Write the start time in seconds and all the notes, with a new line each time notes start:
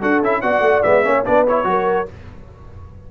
0.00 D4 F#4 A4 F#5
0.22 C#4 E4 E5
0.41 B3 F#4 D5 F#5
0.60 A3
0.82 G#3 B3 E5
1.03 A#3 C#4 C#5
1.25 B3 D4 B4 D5
1.47 E4 C#5
1.64 F#3 F#4 A#4